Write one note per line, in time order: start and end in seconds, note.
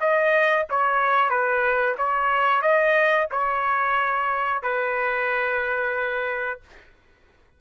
0.00 0.66 D#5
0.70 1.30 C#5
1.30 1.96 B4
1.98 2.62 C#5
2.62 3.28 D#5
3.31 4.62 C#5
4.62 6.60 B4